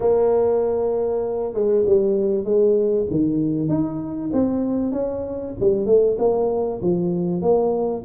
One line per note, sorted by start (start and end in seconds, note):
0.00 1.53 A#3
1.53 1.84 G#3
1.86 2.44 G3
2.44 3.06 G#3
3.10 3.68 D#3
3.68 4.30 D#4
4.32 4.91 C4
4.91 5.53 C#4
5.60 5.86 G3
5.86 6.17 A3
6.18 6.80 A#3
6.81 7.41 F3
7.41 8.03 A#3